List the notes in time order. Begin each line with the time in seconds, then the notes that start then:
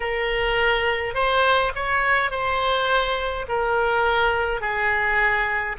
0.00 A#4
1.14 C5
1.75 C#5
2.30 C5
3.48 A#4
4.60 G#4